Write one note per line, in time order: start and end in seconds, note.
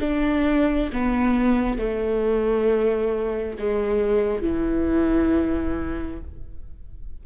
0.00 0.90 D4
0.92 1.78 B3
1.78 3.57 A3
3.59 4.42 G#3
4.42 6.21 E3